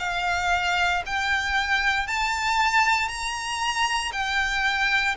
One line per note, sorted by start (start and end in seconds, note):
0.00 1.03 F5
1.07 2.08 G5
2.08 3.08 A5
3.08 4.12 A#5
4.13 5.16 G5